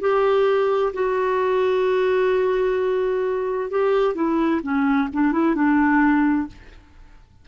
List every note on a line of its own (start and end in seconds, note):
0.00 0.92 G4
0.93 3.70 F#4
3.70 4.15 G4
4.15 4.61 E4
4.62 5.09 C#4
5.13 5.32 D4
5.32 5.55 E4
5.55 6.47 D4